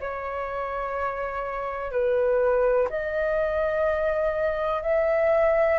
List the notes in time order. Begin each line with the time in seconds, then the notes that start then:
0.00 C#5
1.91 B4
2.89 D#5
4.83 E5